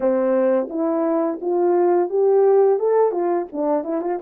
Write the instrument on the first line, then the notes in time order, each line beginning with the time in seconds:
horn
0.00 C4
0.69 E4
1.41 F4
2.09 G4
2.79 A4
3.11 F4
3.52 D4
3.84 E4
4.01 F4